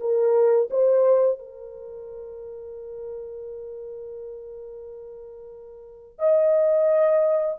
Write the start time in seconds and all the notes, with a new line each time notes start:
0.00 A#4
0.71 C5
1.39 A#4
6.19 D#5